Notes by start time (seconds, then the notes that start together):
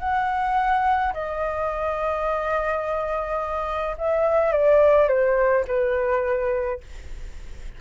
0.00 F#5
1.13 D#5
3.98 E5
4.53 D5
5.08 C5
5.68 B4